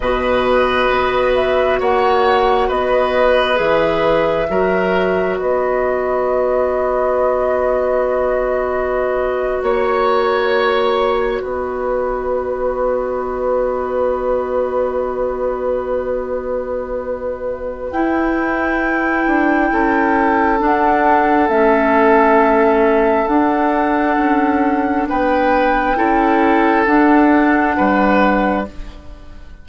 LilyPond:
<<
  \new Staff \with { instrumentName = "flute" } { \time 4/4 \tempo 4 = 67 dis''4. e''8 fis''4 dis''4 | e''2 dis''2~ | dis''2~ dis''8. cis''4~ cis''16~ | cis''8. dis''2.~ dis''16~ |
dis''1 | g''2. fis''4 | e''2 fis''2 | g''2 fis''2 | }
  \new Staff \with { instrumentName = "oboe" } { \time 4/4 b'2 cis''4 b'4~ | b'4 ais'4 b'2~ | b'2~ b'8. cis''4~ cis''16~ | cis''8. b'2.~ b'16~ |
b'1~ | b'2 a'2~ | a'1 | b'4 a'2 b'4 | }
  \new Staff \with { instrumentName = "clarinet" } { \time 4/4 fis'1 | gis'4 fis'2.~ | fis'1~ | fis'1~ |
fis'1 | e'2. d'4 | cis'2 d'2~ | d'4 e'4 d'2 | }
  \new Staff \with { instrumentName = "bassoon" } { \time 4/4 b,4 b4 ais4 b4 | e4 fis4 b2~ | b2~ b8. ais4~ ais16~ | ais8. b2.~ b16~ |
b1 | e'4. d'8 cis'4 d'4 | a2 d'4 cis'4 | b4 cis'4 d'4 g4 | }
>>